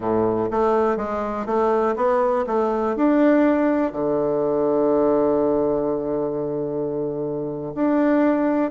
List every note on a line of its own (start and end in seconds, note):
0.00 0.49 A2
0.51 0.97 A3
0.97 1.46 G#3
1.46 1.95 A3
1.96 2.45 B3
2.46 2.96 A3
2.96 3.92 D4
3.92 7.73 D3
7.75 8.71 D4